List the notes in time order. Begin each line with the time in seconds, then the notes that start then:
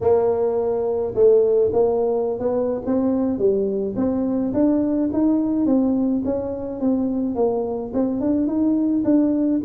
0.00 A#3
1.14 A3
1.72 A#3
2.39 B3
2.85 C4
3.38 G3
3.95 C4
4.53 D4
5.12 D#4
5.66 C4
6.24 C#4
6.80 C4
7.35 A#3
7.93 C4
8.20 D4
8.46 D#4
9.04 D4